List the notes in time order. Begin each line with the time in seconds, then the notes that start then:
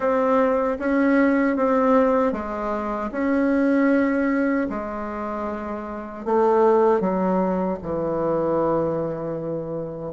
0.00 C4
0.79 C#4
1.56 C4
2.32 G#3
3.11 C#4
4.69 G#3
6.25 A3
7.00 F#3
7.82 E3